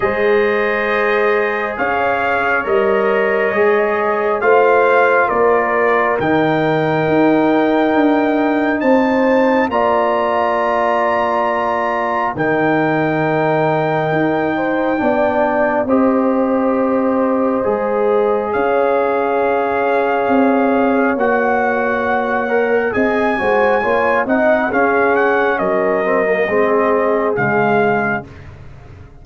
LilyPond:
<<
  \new Staff \with { instrumentName = "trumpet" } { \time 4/4 \tempo 4 = 68 dis''2 f''4 dis''4~ | dis''4 f''4 d''4 g''4~ | g''2 a''4 ais''4~ | ais''2 g''2~ |
g''2 dis''2~ | dis''4 f''2. | fis''2 gis''4. fis''8 | f''8 fis''8 dis''2 f''4 | }
  \new Staff \with { instrumentName = "horn" } { \time 4/4 c''2 cis''2~ | cis''4 c''4 ais'2~ | ais'2 c''4 d''4~ | d''2 ais'2~ |
ais'8 c''8 d''4 c''2~ | c''4 cis''2.~ | cis''2 dis''8 c''8 cis''8 dis''8 | gis'4 ais'4 gis'2 | }
  \new Staff \with { instrumentName = "trombone" } { \time 4/4 gis'2. ais'4 | gis'4 f'2 dis'4~ | dis'2. f'4~ | f'2 dis'2~ |
dis'4 d'4 g'2 | gis'1 | fis'4. ais'8 gis'8 fis'8 f'8 dis'8 | cis'4. c'16 ais16 c'4 gis4 | }
  \new Staff \with { instrumentName = "tuba" } { \time 4/4 gis2 cis'4 g4 | gis4 a4 ais4 dis4 | dis'4 d'4 c'4 ais4~ | ais2 dis2 |
dis'4 b4 c'2 | gis4 cis'2 c'4 | ais2 c'8 gis8 ais8 c'8 | cis'4 fis4 gis4 cis4 | }
>>